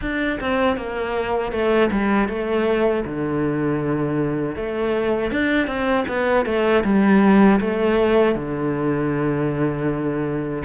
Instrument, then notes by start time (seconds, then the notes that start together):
cello
0.01 D4
0.40 C4
0.76 A#3
1.52 A3
1.91 G3
2.28 A3
3.05 D3
4.56 A3
5.31 D4
5.67 C4
6.08 B3
6.45 A3
6.84 G3
7.60 A3
8.35 D3